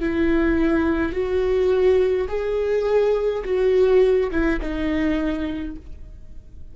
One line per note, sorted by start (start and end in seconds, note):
0.00 1.12 E4
1.12 2.28 F#4
2.28 3.44 G#4
3.45 4.31 F#4
4.31 4.60 E4
4.61 5.76 D#4